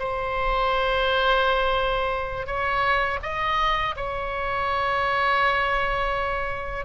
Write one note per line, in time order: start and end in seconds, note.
0.00 2.47 C5
2.47 3.19 C#5
3.23 3.96 D#5
3.97 6.86 C#5